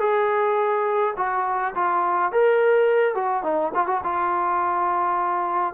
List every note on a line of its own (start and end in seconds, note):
0.00 1.14 G#4
1.17 1.74 F#4
1.75 2.32 F4
2.32 3.15 A#4
3.15 3.43 F#4
3.43 3.72 D#4
3.75 3.87 F4
3.87 4.02 F#4
4.04 5.75 F4